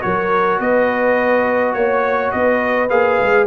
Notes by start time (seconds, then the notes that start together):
0.00 F#3 F#4 A#4 C#5
0.59 B3 B4 D#5
1.73 A#3 C#5
2.31 B3 B4 D#5
2.89 A#3 G#4 F5
3.20 G#3